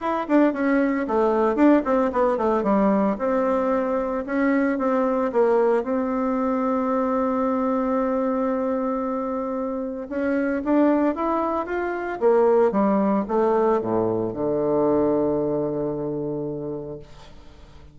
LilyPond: \new Staff \with { instrumentName = "bassoon" } { \time 4/4 \tempo 4 = 113 e'8 d'8 cis'4 a4 d'8 c'8 | b8 a8 g4 c'2 | cis'4 c'4 ais4 c'4~ | c'1~ |
c'2. cis'4 | d'4 e'4 f'4 ais4 | g4 a4 a,4 d4~ | d1 | }